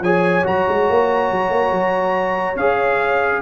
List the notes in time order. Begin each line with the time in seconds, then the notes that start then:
0.00 F3 G#4 C#5 G#5
0.43 F#3 F#4 A#5
0.68 G#3
0.89 A#3
1.31 F#3
1.50 A#3
1.70 F#3
2.55 C#4 G#4 F5